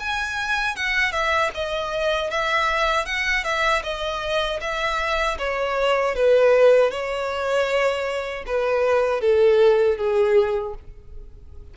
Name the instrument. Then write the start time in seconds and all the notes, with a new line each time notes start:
violin
0.00 G#5
0.76 F#5
1.12 E5
1.55 D#5
2.30 E5
3.06 F#5
3.44 E5
3.84 D#5
4.61 E5
5.39 C#5
6.15 B4
6.91 C#5
8.47 B4
9.21 A4
9.98 G#4